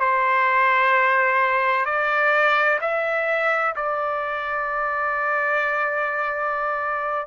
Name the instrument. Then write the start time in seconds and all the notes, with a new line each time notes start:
trumpet
0.00 C5
1.85 D5
2.81 E5
3.75 D5